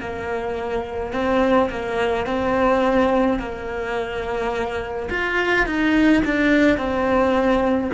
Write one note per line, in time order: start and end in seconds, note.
0.00 1.13 A#3
1.13 1.69 C4
1.70 2.26 A#3
2.26 3.39 C4
3.39 5.09 A#3
5.09 5.66 F4
5.66 6.22 D#4
6.25 6.78 D4
6.78 7.91 C4